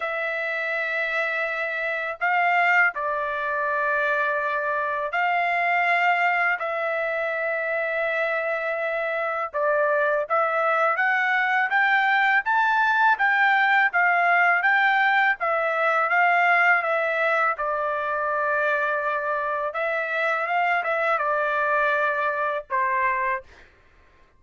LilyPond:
\new Staff \with { instrumentName = "trumpet" } { \time 4/4 \tempo 4 = 82 e''2. f''4 | d''2. f''4~ | f''4 e''2.~ | e''4 d''4 e''4 fis''4 |
g''4 a''4 g''4 f''4 | g''4 e''4 f''4 e''4 | d''2. e''4 | f''8 e''8 d''2 c''4 | }